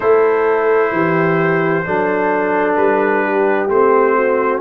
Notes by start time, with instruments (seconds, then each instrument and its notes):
0.00 tuba A3, trombone E4, horn A4, trumpet C5
0.91 tuba E3, horn G4
1.85 tuba F#3, trombone D4, horn A4
2.75 tuba G3, trumpet B4
3.23 horn G4
3.68 tuba A3, trombone C4, trumpet C5
4.16 horn F#4